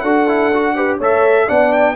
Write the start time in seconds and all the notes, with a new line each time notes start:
0.00 D4 F#4 A4 F#5
0.28 E4
0.53 F#4
0.75 G4 B4
0.98 A3 A4 C#5 E5
1.47 B3 D4 D5 F#5
1.72 G5